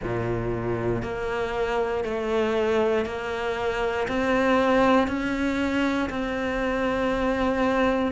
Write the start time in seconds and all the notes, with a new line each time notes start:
0.03 A#2
1.02 A#3
2.04 A3
3.05 A#3
4.07 C4
5.07 C#4
6.09 C4